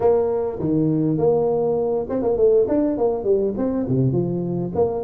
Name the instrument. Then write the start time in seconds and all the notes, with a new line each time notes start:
tuba
0.00 A#3
0.59 D#3
1.17 A#3
2.09 C4
2.22 A#3
2.37 A3
2.68 D4
2.97 A#3
3.23 G3
3.57 C4
3.88 C3
4.12 F3
4.74 A#3